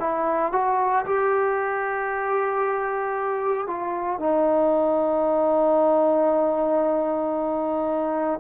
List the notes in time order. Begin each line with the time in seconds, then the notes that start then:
0.00 E4
0.53 F#4
1.06 G4
3.67 F4
4.20 D#4